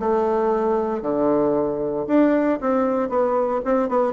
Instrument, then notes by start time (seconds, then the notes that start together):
bassoon
0.00 A3
1.02 D3
2.08 D4
2.61 C4
3.09 B3
3.65 C4
3.89 B3